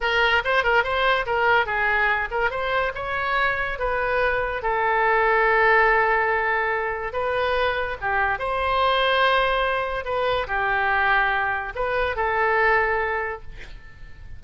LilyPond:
\new Staff \with { instrumentName = "oboe" } { \time 4/4 \tempo 4 = 143 ais'4 c''8 ais'8 c''4 ais'4 | gis'4. ais'8 c''4 cis''4~ | cis''4 b'2 a'4~ | a'1~ |
a'4 b'2 g'4 | c''1 | b'4 g'2. | b'4 a'2. | }